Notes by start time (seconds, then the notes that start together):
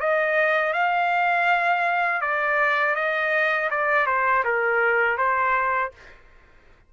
0.00 D#5
0.73 F5
2.21 D5
2.96 D#5
3.71 D5
4.07 C5
4.45 A#4
5.18 C5